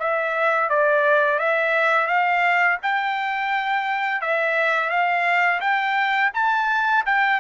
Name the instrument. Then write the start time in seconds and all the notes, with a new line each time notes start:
trumpet
0.00 E5
0.69 D5
1.39 E5
2.07 F5
2.83 G5
4.22 E5
4.90 F5
5.61 G5
6.34 A5
7.06 G5